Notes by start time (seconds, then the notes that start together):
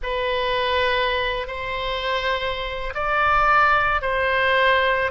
0.03 B4
1.47 C5
2.94 D5
4.01 C5